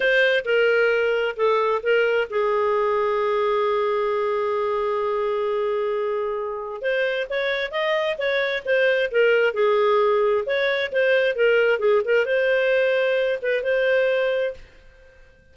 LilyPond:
\new Staff \with { instrumentName = "clarinet" } { \time 4/4 \tempo 4 = 132 c''4 ais'2 a'4 | ais'4 gis'2.~ | gis'1~ | gis'2. c''4 |
cis''4 dis''4 cis''4 c''4 | ais'4 gis'2 cis''4 | c''4 ais'4 gis'8 ais'8 c''4~ | c''4. b'8 c''2 | }